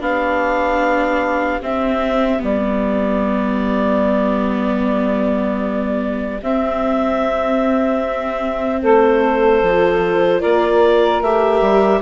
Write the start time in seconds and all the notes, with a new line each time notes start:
0.00 B3 D4 G4 F5
1.61 C4 E5
2.39 G3 B3 D5
6.42 C4 E5
8.82 A3 A4 C5
9.62 F3 F4
10.40 A#3 A#4 D5
11.21 A3 G4 E5
11.60 G3